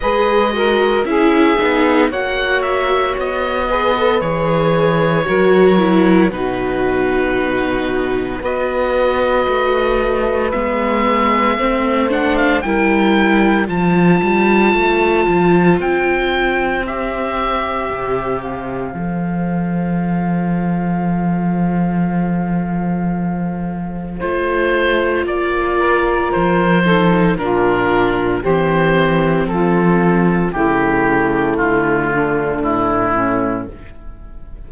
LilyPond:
<<
  \new Staff \with { instrumentName = "oboe" } { \time 4/4 \tempo 4 = 57 dis''4 e''4 fis''8 e''8 dis''4 | cis''2 b'2 | dis''2 e''4. fis''16 f''16 | g''4 a''2 g''4 |
e''4. f''2~ f''8~ | f''2. c''4 | d''4 c''4 ais'4 c''4 | a'4 g'4 f'4 e'4 | }
  \new Staff \with { instrumentName = "saxophone" } { \time 4/4 b'8 ais'8 gis'4 cis''4. b'8~ | b'4 ais'4 fis'2 | b'2. c''4 | ais'4 c''2.~ |
c''1~ | c''1~ | c''8 ais'4 a'8 f'4 g'4 | f'4 e'4. d'4 cis'8 | }
  \new Staff \with { instrumentName = "viola" } { \time 4/4 gis'8 fis'8 e'8 dis'8 fis'4. gis'16 a'16 | gis'4 fis'8 e'8 dis'2 | fis'2 b4 c'8 d'8 | e'4 f'2. |
g'2 a'2~ | a'2. f'4~ | f'4. dis'8 d'4 c'4~ | c'4 a2. | }
  \new Staff \with { instrumentName = "cello" } { \time 4/4 gis4 cis'8 b8 ais4 b4 | e4 fis4 b,2 | b4 a4 gis4 a4 | g4 f8 g8 a8 f8 c'4~ |
c'4 c4 f2~ | f2. a4 | ais4 f4 ais,4 e4 | f4 cis4 d4 a,4 | }
>>